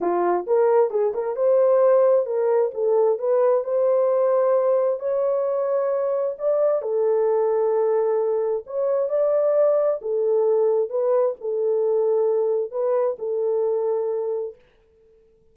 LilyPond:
\new Staff \with { instrumentName = "horn" } { \time 4/4 \tempo 4 = 132 f'4 ais'4 gis'8 ais'8 c''4~ | c''4 ais'4 a'4 b'4 | c''2. cis''4~ | cis''2 d''4 a'4~ |
a'2. cis''4 | d''2 a'2 | b'4 a'2. | b'4 a'2. | }